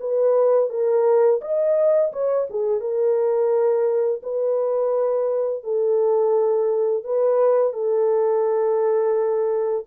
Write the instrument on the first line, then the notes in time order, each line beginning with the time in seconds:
horn
0.00 B4
0.70 A#4
1.41 D#5
2.12 C#5
2.50 G#4
2.80 A#4
4.23 B4
5.64 A4
7.04 B4
7.73 A4